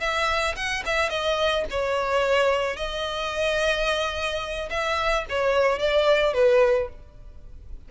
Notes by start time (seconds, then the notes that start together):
0.00 E5
0.56 F#5
0.86 E5
1.10 D#5
1.70 C#5
2.76 D#5
4.70 E5
5.29 C#5
5.79 D5
6.34 B4